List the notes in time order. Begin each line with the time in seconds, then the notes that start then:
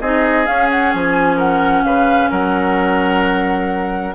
0.00 C4 D#4 G#4 D#5
0.45 C#4 F5
0.70 F#5
0.92 F3 G#5
1.36 A#4 F#5
1.83 C#3 B4 F5
2.30 F#3 A#4 F#5